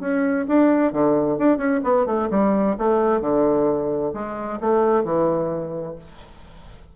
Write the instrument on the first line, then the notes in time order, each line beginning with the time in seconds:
bassoon
0.00 C#4
0.48 D4
0.92 D3
1.38 D4
1.58 C#4
1.84 B3
2.06 A3
2.30 G3
2.78 A3
3.21 D3
4.14 G#3
4.60 A3
5.04 E3